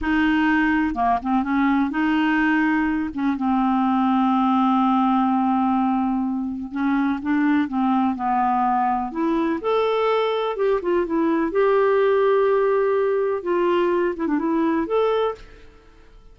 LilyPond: \new Staff \with { instrumentName = "clarinet" } { \time 4/4 \tempo 4 = 125 dis'2 ais8 c'8 cis'4 | dis'2~ dis'8 cis'8 c'4~ | c'1~ | c'2 cis'4 d'4 |
c'4 b2 e'4 | a'2 g'8 f'8 e'4 | g'1 | f'4. e'16 d'16 e'4 a'4 | }